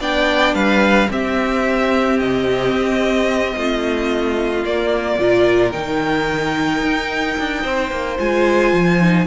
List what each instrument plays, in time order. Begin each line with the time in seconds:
0.00 cello B3, viola D4, violin D5 G5
0.54 cello G3, violin B4 F5
1.09 viola C4, cello C4, violin G4 E5
2.19 cello C3, violin D#5
2.72 cello C4
3.56 cello A3, violin F4
4.64 cello A#3, viola A#3, violin D5
5.19 cello A#2, viola F4, violin A#4
5.72 cello D#3, viola D#4, violin G5
6.82 cello D#4
7.38 cello D4
7.62 cello C4, violin C5
7.91 cello A#3
8.19 cello G#3, viola F4, violin G#5
8.73 cello F3
9.01 viola D#4